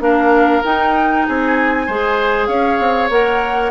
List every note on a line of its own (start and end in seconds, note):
0.00 0.62 A#3
0.00 0.62 D4
0.00 1.27 A#4
0.00 0.64 F5
0.64 1.88 D#4
0.64 1.27 D#4
0.64 1.26 G5
1.26 1.88 C4
1.26 1.86 G#4
1.26 2.47 G#5
1.86 2.48 G#3
1.86 3.10 G#4
1.86 2.48 C5
2.47 2.79 C#4
2.47 3.71 C#5
2.47 3.09 F5
2.79 3.10 C4
3.10 3.71 A#3
3.10 3.71 A#4
3.10 3.71 F#5